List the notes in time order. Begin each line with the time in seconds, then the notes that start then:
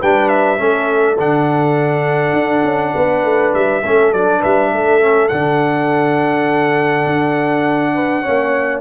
0.00 G3 D4 B4 G5
0.28 E5
0.57 A3 C#4 A4
1.18 D3 D4 F#5
2.33 D4
2.63 C#4
2.94 B3 B4
3.24 A3
3.54 G3 E5
3.83 A3 C#4 A4
4.13 F#3 D4 D5
4.39 G3 B4 E5
4.72 A3 A4
5.00 C#4
5.28 D3 D4 F#5
7.06 D4
7.94 B4
8.22 A#3 C#4 C#5